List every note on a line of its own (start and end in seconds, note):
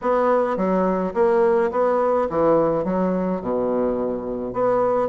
0.01 0.57 B3
0.57 1.13 F#3
1.14 1.70 A#3
1.71 2.28 B3
2.29 2.84 E3
2.84 3.41 F#3
3.41 4.53 B2
4.53 5.08 B3